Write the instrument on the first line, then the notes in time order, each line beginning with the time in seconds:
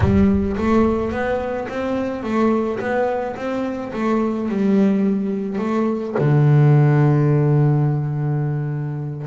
double bass
0.00 G3
0.57 A3
1.11 B3
1.68 C4
2.23 A3
2.79 B3
3.35 C4
3.93 A3
4.49 G3
5.58 A3
6.18 D3